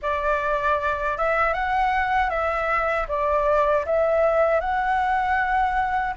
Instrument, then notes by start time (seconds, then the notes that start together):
flute
0.02 D5
1.17 E5
1.53 F#5
2.29 E5
3.08 D5
3.85 E5
4.60 F#5